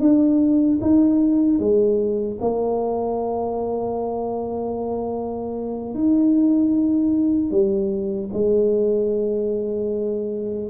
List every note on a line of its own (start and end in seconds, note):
0.00 0.79 D4
0.81 1.59 D#4
1.59 2.38 G#3
2.41 5.94 A#3
5.94 7.51 D#4
7.51 8.30 G3
8.33 10.70 G#3